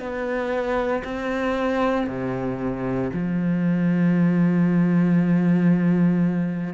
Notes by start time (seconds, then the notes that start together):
0.00 B3
1.04 C4
2.07 C3
3.14 F3